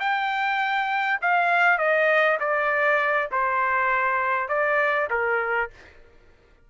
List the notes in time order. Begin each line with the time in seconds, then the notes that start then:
0.00 G5
1.22 F5
1.78 D#5
2.40 D5
3.32 C5
4.49 D5
5.11 A#4